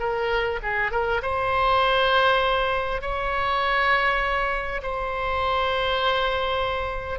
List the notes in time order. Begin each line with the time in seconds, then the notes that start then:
0.00 A#4
0.63 G#4
0.92 A#4
1.23 C5
3.02 C#5
4.83 C5